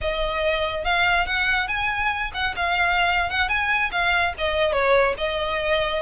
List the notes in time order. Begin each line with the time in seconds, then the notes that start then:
0.01 D#5
0.84 F5
1.26 F#5
1.68 G#5
2.34 F#5
2.56 F5
3.30 F#5
3.48 G#5
3.91 F5
4.38 D#5
4.72 C#5
5.17 D#5